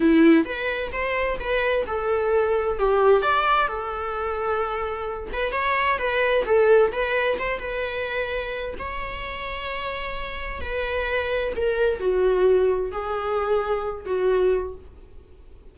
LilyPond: \new Staff \with { instrumentName = "viola" } { \time 4/4 \tempo 4 = 130 e'4 b'4 c''4 b'4 | a'2 g'4 d''4 | a'2.~ a'8 b'8 | cis''4 b'4 a'4 b'4 |
c''8 b'2~ b'8 cis''4~ | cis''2. b'4~ | b'4 ais'4 fis'2 | gis'2~ gis'8 fis'4. | }